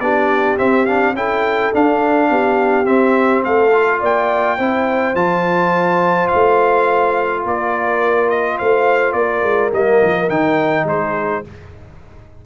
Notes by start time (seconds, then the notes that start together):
0.00 B3 D4 G4 D5
0.58 C4 E5
0.86 D4 F5
1.14 C#4 E4 A4 G5
1.73 D4 F5
2.30 B3 G4
2.85 C4 E5
3.45 A3 A4 F5
3.73 F4
4.00 A#3 D5 G5
4.58 C4 E4 C5
5.15 F3 F4 A5
6.28 A3 F5
7.44 A#3 A#4 D5
8.30 D#5
8.58 A3 C5 F5
9.13 A#3 A#4 D5
9.43 G#3
9.73 G3 A#3 D#5
10.03 F3
10.29 D#3 D#4 G5
10.85 G#3 G#4 C5